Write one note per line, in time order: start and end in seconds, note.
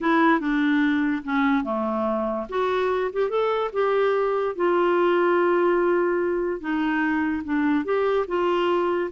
0.00 0.39 E4
0.39 1.22 D4
1.24 1.64 C#4
1.64 2.46 A3
2.49 3.11 F#4
3.12 3.29 G4
3.29 3.71 A4
3.73 4.55 G4
4.55 6.60 F4
6.60 7.43 D#4
7.44 7.84 D4
7.84 8.26 G4
8.27 9.10 F4